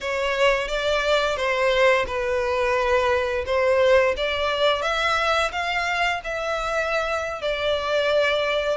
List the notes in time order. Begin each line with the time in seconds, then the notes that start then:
0.01 C#5
0.67 D5
1.36 C5
2.06 B4
3.45 C5
4.16 D5
4.82 E5
5.51 F5
6.24 E5
7.41 D5